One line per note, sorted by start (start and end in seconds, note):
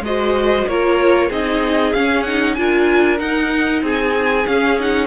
0.00 0.63 G#3
0.00 0.68 F#4
0.00 0.68 C5
0.00 0.68 D#5
0.68 1.30 A#3
0.68 1.30 F4
0.68 1.27 A#4
0.68 1.31 C#5
1.27 1.93 C4
1.27 1.94 D#4
1.27 2.54 G#4
1.27 1.93 D#5
1.93 2.57 C#4
1.93 2.26 C#4
1.93 2.23 F5
2.23 2.57 D#4
2.23 2.54 F#5
2.54 3.20 D4
2.54 3.18 F4
2.54 3.83 A#4
2.54 3.17 G#5
3.18 4.44 D#4
3.18 3.82 D#4
3.18 3.82 F#5
3.82 4.45 C4
3.82 5.06 G#4
3.82 4.47 G#5
4.46 4.78 C#4
4.46 5.06 C#4
4.46 4.79 F5
4.78 5.06 D#4
4.78 5.06 F#5